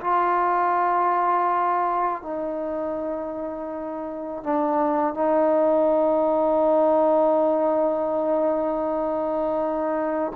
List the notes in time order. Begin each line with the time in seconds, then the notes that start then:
0.00 F4
2.22 D#4
4.43 D4
5.13 D#4